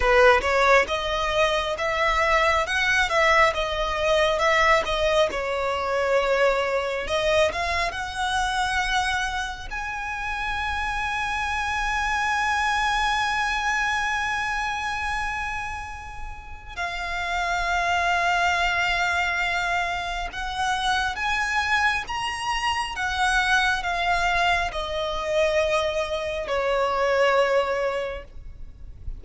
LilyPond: \new Staff \with { instrumentName = "violin" } { \time 4/4 \tempo 4 = 68 b'8 cis''8 dis''4 e''4 fis''8 e''8 | dis''4 e''8 dis''8 cis''2 | dis''8 f''8 fis''2 gis''4~ | gis''1~ |
gis''2. f''4~ | f''2. fis''4 | gis''4 ais''4 fis''4 f''4 | dis''2 cis''2 | }